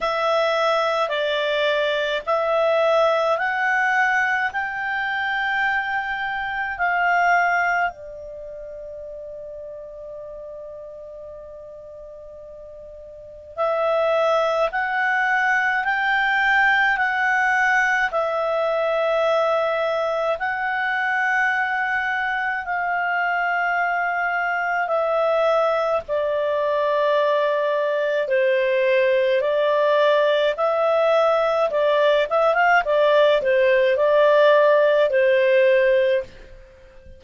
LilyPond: \new Staff \with { instrumentName = "clarinet" } { \time 4/4 \tempo 4 = 53 e''4 d''4 e''4 fis''4 | g''2 f''4 d''4~ | d''1 | e''4 fis''4 g''4 fis''4 |
e''2 fis''2 | f''2 e''4 d''4~ | d''4 c''4 d''4 e''4 | d''8 e''16 f''16 d''8 c''8 d''4 c''4 | }